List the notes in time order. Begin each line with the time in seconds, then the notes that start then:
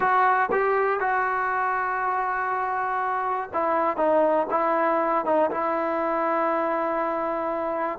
0.00 F#4
0.51 G4
1.00 F#4
3.53 E4
3.97 D#4
4.50 E4
5.25 D#4
5.50 E4